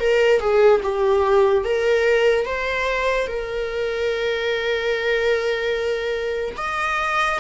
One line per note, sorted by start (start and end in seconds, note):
0.00 0.40 A#4
0.40 0.81 G#4
0.83 1.64 G4
1.64 2.45 A#4
2.45 3.27 C5
3.27 6.56 A#4
6.57 7.39 D#5